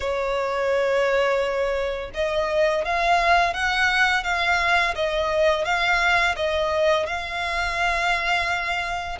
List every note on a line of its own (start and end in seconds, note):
0.00 2.10 C#5
2.14 2.84 D#5
2.84 3.53 F5
3.53 4.24 F#5
4.24 4.94 F5
4.95 5.64 D#5
5.64 6.35 F5
6.36 7.06 D#5
7.06 9.18 F5